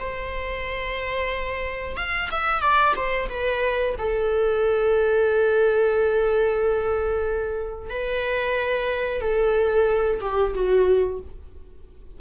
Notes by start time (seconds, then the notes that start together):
0.00 C5
1.97 F5
2.32 E5
2.62 D5
2.96 C5
3.29 B4
3.99 A4
7.90 B4
9.22 A4
10.21 G4
10.55 F#4